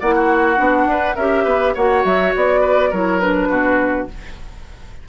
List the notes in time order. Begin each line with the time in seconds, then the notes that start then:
0.00 A#3 E4 D5 F#5
0.15 F#4
0.56 B3 D4
0.86 D4 B4
1.15 C#4 G4 A#4 E5
1.44 B3 B4
1.74 A#3 F#4 C#5 F#5
2.04 F#3 E5
2.36 B3 D5
2.61 B4
2.90 F#3 E4 A#4 C#5
3.20 D4 B4
3.49 B2 F#4